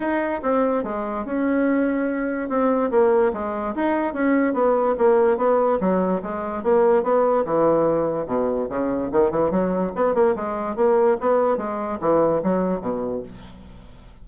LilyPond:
\new Staff \with { instrumentName = "bassoon" } { \time 4/4 \tempo 4 = 145 dis'4 c'4 gis4 cis'4~ | cis'2 c'4 ais4 | gis4 dis'4 cis'4 b4 | ais4 b4 fis4 gis4 |
ais4 b4 e2 | b,4 cis4 dis8 e8 fis4 | b8 ais8 gis4 ais4 b4 | gis4 e4 fis4 b,4 | }